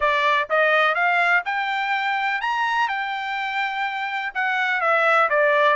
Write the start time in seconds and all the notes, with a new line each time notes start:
0.00 D5
0.49 D#5
0.94 F5
1.45 G5
2.41 A#5
2.88 G5
4.34 F#5
4.80 E5
5.29 D5